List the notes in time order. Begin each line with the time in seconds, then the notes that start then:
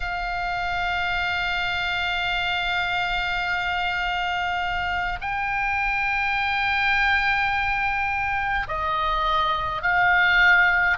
0.00 F5
5.21 G5
8.68 D#5
9.82 F5